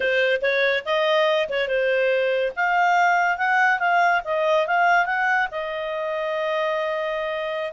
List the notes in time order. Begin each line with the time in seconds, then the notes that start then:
0.00 C5
0.41 C#5
0.85 D#5
1.49 C#5
1.67 C5
2.56 F5
3.37 F#5
3.79 F5
4.24 D#5
4.66 F5
5.05 F#5
5.51 D#5